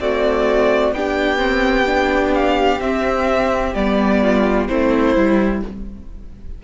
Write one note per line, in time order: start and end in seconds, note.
0.00 0.95 A3
0.00 0.93 C4
0.00 0.95 F#4
0.00 0.94 D5
0.93 2.81 B3
0.93 1.38 D4
0.93 4.22 G4
0.93 2.35 G5
1.38 1.85 C4
1.86 2.80 D4
2.35 2.81 F5
2.81 3.75 C4
2.81 3.75 E5
3.75 4.69 G3
3.75 4.69 B3
3.75 4.68 D5
4.22 4.69 F4
4.68 5.16 A3
4.68 5.16 C4
4.68 5.63 E4
4.68 5.61 C5
5.16 5.63 G3
5.16 5.64 E4